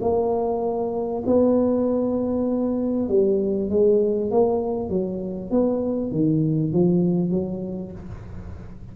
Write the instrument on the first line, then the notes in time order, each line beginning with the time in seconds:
tuba
0.00 A#3
1.26 B3
3.08 G3
3.69 G#3
4.31 A#3
4.89 F#3
5.50 B3
6.11 D#3
6.72 F3
7.30 F#3